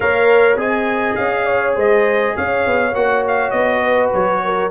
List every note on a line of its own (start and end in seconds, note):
0.00 0.56 A#3
0.00 0.57 A#4
0.00 0.58 C#5
0.00 0.58 F5
0.56 1.14 C4
0.56 2.92 G#4
0.56 1.46 D#5
0.56 1.15 G#5
1.15 1.76 C#4
1.15 1.74 F5
1.46 1.75 C#5
1.75 2.35 G#3
1.75 2.33 C5
1.75 2.36 D#5
2.36 2.66 C#4
2.36 3.82 C#5
2.36 2.94 F5
2.66 2.92 B3
2.92 3.51 A#3
2.92 4.70 F#4
2.92 3.24 F#5
3.27 3.50 F5
3.50 4.11 B3
3.50 4.09 D#5
3.82 4.41 B4
4.13 4.70 F#3
4.13 4.70 C#5
4.43 4.70 A#4